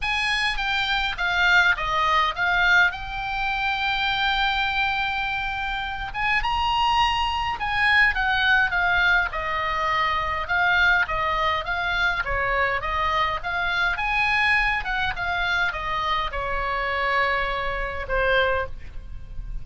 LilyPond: \new Staff \with { instrumentName = "oboe" } { \time 4/4 \tempo 4 = 103 gis''4 g''4 f''4 dis''4 | f''4 g''2.~ | g''2~ g''8 gis''8 ais''4~ | ais''4 gis''4 fis''4 f''4 |
dis''2 f''4 dis''4 | f''4 cis''4 dis''4 f''4 | gis''4. fis''8 f''4 dis''4 | cis''2. c''4 | }